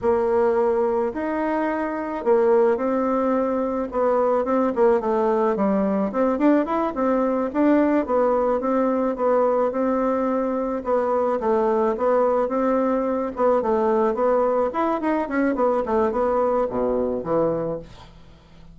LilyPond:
\new Staff \with { instrumentName = "bassoon" } { \time 4/4 \tempo 4 = 108 ais2 dis'2 | ais4 c'2 b4 | c'8 ais8 a4 g4 c'8 d'8 | e'8 c'4 d'4 b4 c'8~ |
c'8 b4 c'2 b8~ | b8 a4 b4 c'4. | b8 a4 b4 e'8 dis'8 cis'8 | b8 a8 b4 b,4 e4 | }